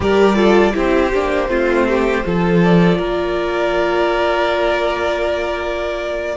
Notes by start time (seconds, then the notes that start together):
0.00 G3 G4 A#4 D5
0.35 F4 A4
0.73 C4 E4 G4 C5
1.14 A#3 D4
1.48 A3 C4 F4
1.87 G4
2.25 F3 F4 A4
2.63 D5
2.98 A#3 A#4